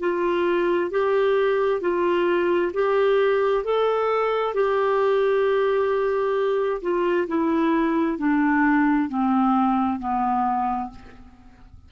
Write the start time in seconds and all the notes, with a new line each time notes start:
0.00 F4
0.91 G4
1.81 F4
2.74 G4
3.64 A4
4.55 G4
6.82 F4
7.29 E4
8.19 D4
9.09 C4
10.00 B3